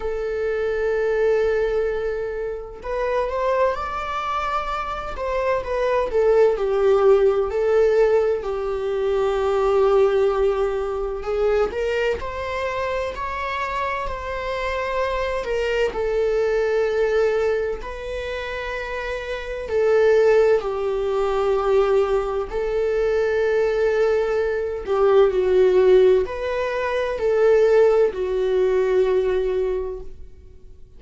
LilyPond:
\new Staff \with { instrumentName = "viola" } { \time 4/4 \tempo 4 = 64 a'2. b'8 c''8 | d''4. c''8 b'8 a'8 g'4 | a'4 g'2. | gis'8 ais'8 c''4 cis''4 c''4~ |
c''8 ais'8 a'2 b'4~ | b'4 a'4 g'2 | a'2~ a'8 g'8 fis'4 | b'4 a'4 fis'2 | }